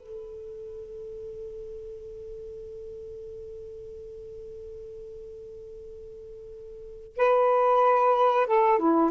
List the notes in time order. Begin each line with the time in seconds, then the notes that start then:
0.00 A4
7.17 B4
8.47 A4
8.79 E4